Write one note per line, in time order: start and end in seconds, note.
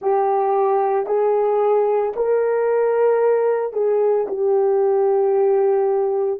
0.01 1.06 G4
1.06 2.13 G#4
2.15 3.73 A#4
3.73 4.26 G#4
4.27 6.40 G4